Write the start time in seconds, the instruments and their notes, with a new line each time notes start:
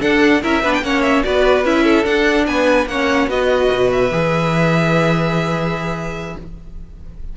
0.00 viola D4, cello D4, violin A4 F#5
0.43 cello C#4, viola E4, violin A#4 E5
0.63 cello B3, viola D4, violin B4
0.74 violin G5
0.82 cello A#3, viola C#4, violin C#5 F#5
1.02 violin E5
1.24 cello B3, viola F#4, violin B4 D5
1.65 cello C#4, viola E4, violin E5
1.84 violin A4
2.04 viola D4, cello D4, violin F#5
2.47 cello B3, violin B4 G#5
2.86 cello A#3, violin C#5 F#5
2.92 viola C#4
3.28 cello B3, viola F#4, violin B4 D#5
3.72 cello B2
3.92 violin E5
4.12 cello E3, viola G#4